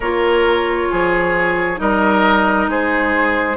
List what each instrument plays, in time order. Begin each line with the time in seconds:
0.00 bassoon A#3, clarinet F4, oboe A#4, flute C#5
0.90 bassoon F3, oboe G#4
1.76 bassoon G3, clarinet D#4, oboe A#4, flute D#5
2.67 bassoon G#3, oboe G#4, flute C5